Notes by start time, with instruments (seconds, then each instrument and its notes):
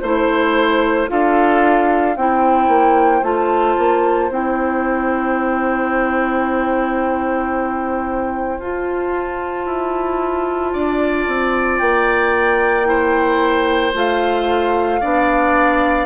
0.00 bassoon A3, clarinet E4, flute C5, oboe C5
1.08 bassoon D4, clarinet F4, oboe A4, flute F5
2.16 bassoon C4, clarinet E4, oboe C5, flute G5
2.68 bassoon A#3
3.22 bassoon A3, clarinet F4, flute A5
3.78 bassoon A#3
4.30 bassoon C4, clarinet E4, flute G5
8.59 bassoon F4, clarinet F4, flute A5
9.66 bassoon E4
10.73 bassoon D4, oboe D5
11.27 bassoon C4
11.79 bassoon A#3, flute G5
12.85 clarinet E4, oboe C5
13.94 bassoon A3, clarinet F4, flute F5
15.00 bassoon B3, clarinet D4, oboe D5